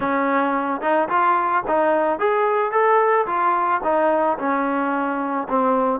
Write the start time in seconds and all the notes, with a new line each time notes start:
0.00 C#4
0.81 D#4
1.09 F4
1.67 D#4
2.19 G#4
2.71 A4
3.26 F4
3.83 D#4
4.38 C#4
5.48 C4